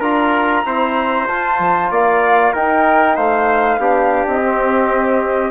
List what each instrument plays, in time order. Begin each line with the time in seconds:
0.00 bassoon D4, trombone F4, trumpet A#4, flute A#5
0.66 trombone C4, bassoon E4, trumpet C5
1.28 bassoon F4, trombone F4, flute A5
1.59 bassoon F3
1.91 bassoon A#3, trumpet D5, flute F5
2.53 trombone D#4, bassoon D#4, trumpet A#4, flute G5
3.16 bassoon A3, trumpet C5, flute F5
3.78 bassoon B3, trombone D4, trumpet G4
4.27 bassoon C4, flute D#5
4.44 trombone C4